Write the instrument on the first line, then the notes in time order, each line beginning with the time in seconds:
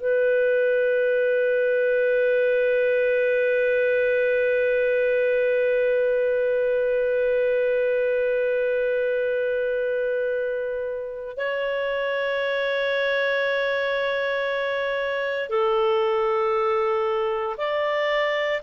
clarinet
0.00 B4
11.37 C#5
15.49 A4
17.57 D5